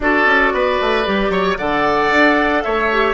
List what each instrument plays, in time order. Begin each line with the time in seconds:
0.00 bassoon D4, clarinet F#4, oboe A4, flute D5
0.25 bassoon C#4
0.53 bassoon B3, oboe B4
0.80 bassoon A3
1.04 bassoon G3, clarinet G4
1.29 bassoon F#3, oboe C#5
1.57 bassoon D3, clarinet A4, oboe D5, flute F#5
2.11 bassoon D4
2.62 bassoon A3, oboe C#5, flute E5
2.92 clarinet G4